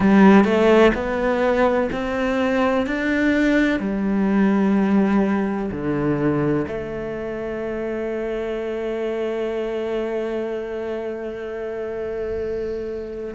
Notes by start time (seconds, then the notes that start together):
0.00 G3
0.44 A3
0.94 B3
1.92 C4
2.86 D4
3.79 G3
5.71 D3
6.67 A3